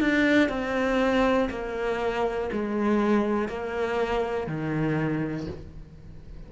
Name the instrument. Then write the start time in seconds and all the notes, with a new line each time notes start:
cello
0.00 D4
0.49 C4
1.49 A#3
2.52 G#3
3.48 A#3
4.46 D#3